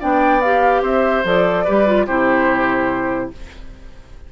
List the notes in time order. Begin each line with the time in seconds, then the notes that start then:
0.00 B3 D4 D5 G5
0.41 G4 F5
0.82 C4 C5 E5
1.25 F3 A4 D5
1.65 G3 G4 B4
1.87 F4
2.06 C3 E4 G4 C5